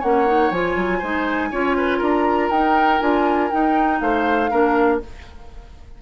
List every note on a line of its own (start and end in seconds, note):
0.00 0.51 A#3
0.00 0.27 C#4
0.00 0.99 C#5
0.00 0.51 F#5
0.27 0.52 D#4
0.51 0.76 F3
0.51 1.03 F4
0.51 2.01 G#5
0.76 1.01 F#3
0.99 1.52 G#3
0.99 1.52 D#4
0.99 1.49 C5
1.52 2.01 C#4
1.52 2.52 F4
1.52 1.77 C#5
1.77 1.98 B4
1.98 2.51 D4
1.98 3.98 A#4
1.98 2.51 A#5
2.51 3.01 D#4
2.51 3.01 G5
3.01 3.51 D4
3.01 3.51 F4
3.01 3.51 G#5
3.51 4.51 D#4
3.51 4.01 D#4
3.51 4.01 G5
4.01 4.51 A3
4.01 4.51 C5
4.01 5.01 F5
4.51 5.02 A#3
4.51 5.01 D4
4.51 5.01 A#4